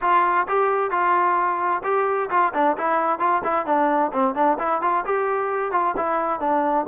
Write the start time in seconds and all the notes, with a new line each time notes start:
0.01 F4
0.48 G4
0.91 F4
1.83 G4
2.30 F4
2.54 D4
2.77 E4
3.19 F4
3.44 E4
3.65 D4
4.13 C4
4.34 D4
4.58 E4
4.81 F4
5.05 G4
5.71 F4
5.96 E4
6.40 D4